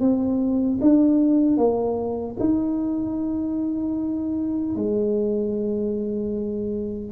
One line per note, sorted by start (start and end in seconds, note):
0.00 0.79 C4
0.81 1.57 D4
1.57 2.36 A#3
2.39 4.75 D#4
4.75 7.12 G#3